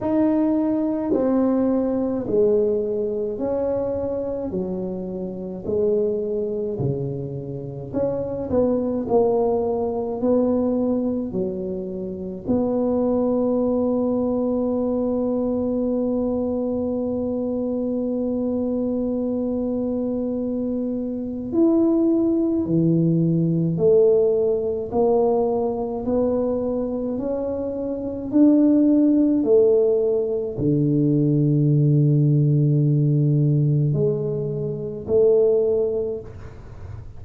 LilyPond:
\new Staff \with { instrumentName = "tuba" } { \time 4/4 \tempo 4 = 53 dis'4 c'4 gis4 cis'4 | fis4 gis4 cis4 cis'8 b8 | ais4 b4 fis4 b4~ | b1~ |
b2. e'4 | e4 a4 ais4 b4 | cis'4 d'4 a4 d4~ | d2 gis4 a4 | }